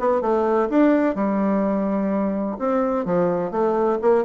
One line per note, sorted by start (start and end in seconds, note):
0.00 0.22 B3
0.22 0.69 A3
0.70 1.16 D4
1.16 2.57 G3
2.59 3.06 C4
3.06 3.52 F3
3.52 3.99 A3
4.02 4.25 A#3